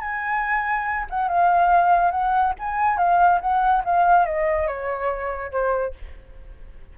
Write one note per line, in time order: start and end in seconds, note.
0.00 1.06 G#5
1.10 1.28 F#5
1.28 2.11 F5
2.11 2.54 F#5
2.59 2.97 G#5
2.97 3.40 F5
3.41 3.83 F#5
3.85 4.25 F5
4.25 4.68 D#5
4.68 5.51 C#5
5.51 5.94 C5